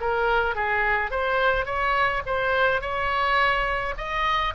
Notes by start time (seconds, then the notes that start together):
0.00 A#4
0.55 G#4
1.11 C5
1.66 C#5
2.26 C5
2.81 C#5
3.97 D#5